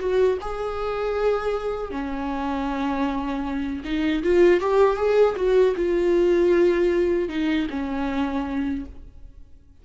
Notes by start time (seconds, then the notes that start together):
0.00 F#4
0.42 G#4
1.91 C#4
3.85 D#4
4.23 F4
4.60 G4
4.97 G#4
5.36 F#4
5.77 F4
7.29 D#4
7.70 C#4